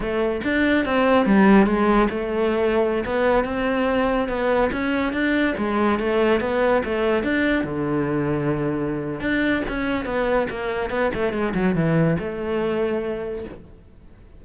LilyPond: \new Staff \with { instrumentName = "cello" } { \time 4/4 \tempo 4 = 143 a4 d'4 c'4 g4 | gis4 a2~ a16 b8.~ | b16 c'2 b4 cis'8.~ | cis'16 d'4 gis4 a4 b8.~ |
b16 a4 d'4 d4.~ d16~ | d2 d'4 cis'4 | b4 ais4 b8 a8 gis8 fis8 | e4 a2. | }